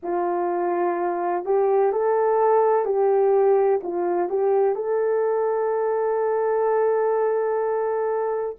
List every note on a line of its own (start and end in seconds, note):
0.03 1.45 F4
1.45 1.92 G4
1.92 2.85 A4
2.85 3.80 G4
3.83 4.29 F4
4.29 4.74 G4
4.74 8.55 A4